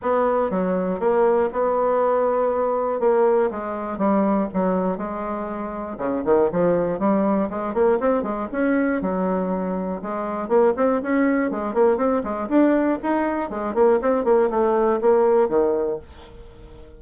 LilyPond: \new Staff \with { instrumentName = "bassoon" } { \time 4/4 \tempo 4 = 120 b4 fis4 ais4 b4~ | b2 ais4 gis4 | g4 fis4 gis2 | cis8 dis8 f4 g4 gis8 ais8 |
c'8 gis8 cis'4 fis2 | gis4 ais8 c'8 cis'4 gis8 ais8 | c'8 gis8 d'4 dis'4 gis8 ais8 | c'8 ais8 a4 ais4 dis4 | }